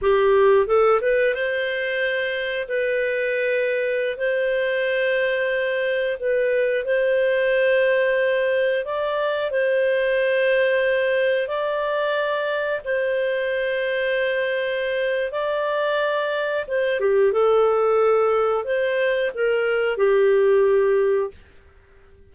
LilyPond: \new Staff \with { instrumentName = "clarinet" } { \time 4/4 \tempo 4 = 90 g'4 a'8 b'8 c''2 | b'2~ b'16 c''4.~ c''16~ | c''4~ c''16 b'4 c''4.~ c''16~ | c''4~ c''16 d''4 c''4.~ c''16~ |
c''4~ c''16 d''2 c''8.~ | c''2. d''4~ | d''4 c''8 g'8 a'2 | c''4 ais'4 g'2 | }